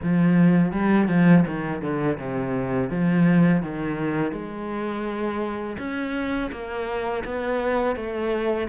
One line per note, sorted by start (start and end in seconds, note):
0.03 0.72 F3
0.72 1.08 G3
1.08 1.44 F3
1.46 1.81 D#3
1.81 2.17 D3
2.18 2.90 C3
2.90 3.62 F3
3.62 4.32 D#3
4.32 5.76 G#3
5.78 6.50 C#4
6.51 7.23 A#3
7.24 7.96 B3
7.96 8.68 A3